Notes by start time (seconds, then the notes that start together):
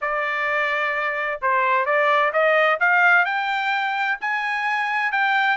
0.01 D5
1.41 C5
1.85 D5
2.32 D#5
2.79 F5
3.25 G5
4.21 G#5
5.11 G5